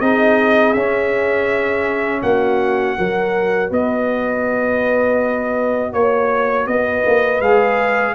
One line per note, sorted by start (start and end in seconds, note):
0.00 0.74 C4
0.00 0.75 D#4
0.00 2.22 G#4
0.00 0.73 D#5
0.73 2.22 C#4
0.73 2.97 C#4
0.73 2.21 E5
2.22 2.96 A#3
2.22 2.97 F#4
2.22 3.70 F#5
2.97 3.71 F#3
2.97 7.41 F#4
2.97 3.70 A#4
3.70 5.93 B3
3.70 5.92 B4
3.70 5.93 D#5
5.93 6.67 A#3
5.93 6.67 C#5
6.67 7.04 B3
6.67 8.14 B4
6.67 7.41 D#5
7.06 7.40 A#3
7.40 8.14 G#3
7.40 8.14 G#4
7.40 8.14 F5